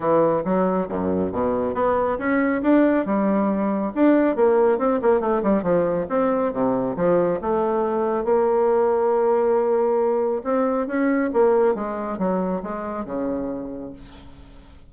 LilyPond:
\new Staff \with { instrumentName = "bassoon" } { \time 4/4 \tempo 4 = 138 e4 fis4 fis,4 b,4 | b4 cis'4 d'4 g4~ | g4 d'4 ais4 c'8 ais8 | a8 g8 f4 c'4 c4 |
f4 a2 ais4~ | ais1 | c'4 cis'4 ais4 gis4 | fis4 gis4 cis2 | }